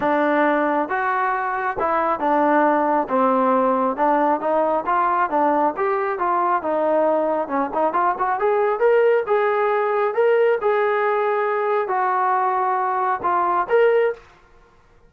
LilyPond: \new Staff \with { instrumentName = "trombone" } { \time 4/4 \tempo 4 = 136 d'2 fis'2 | e'4 d'2 c'4~ | c'4 d'4 dis'4 f'4 | d'4 g'4 f'4 dis'4~ |
dis'4 cis'8 dis'8 f'8 fis'8 gis'4 | ais'4 gis'2 ais'4 | gis'2. fis'4~ | fis'2 f'4 ais'4 | }